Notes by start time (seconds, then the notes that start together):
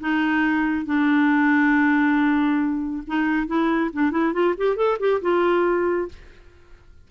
0.00 D#4
0.86 D4
3.07 D#4
3.47 E4
3.93 D4
4.11 E4
4.33 F4
4.58 G4
4.76 A4
4.99 G4
5.22 F4